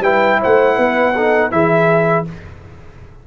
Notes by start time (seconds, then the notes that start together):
0.00 G3 E4 B4 G5
0.41 A3 C5 F#5
0.77 B3 B4
1.15 D#4 A4
1.52 E3 E4 G#4 E5